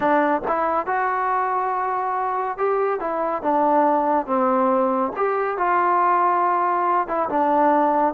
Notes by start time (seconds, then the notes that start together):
0.00 D4
0.47 E4
0.86 F#4
2.57 G4
3.00 E4
3.42 D4
4.26 C4
5.16 G4
5.57 F4
7.07 E4
7.29 D4